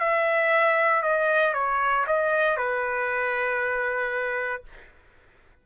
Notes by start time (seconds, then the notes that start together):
0.00 E5
1.03 D#5
1.54 C#5
2.07 D#5
2.57 B4